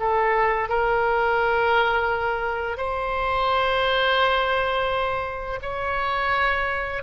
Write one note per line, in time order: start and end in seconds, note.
0.00 0.69 A4
0.69 2.78 A#4
2.78 5.60 C5
5.62 7.03 C#5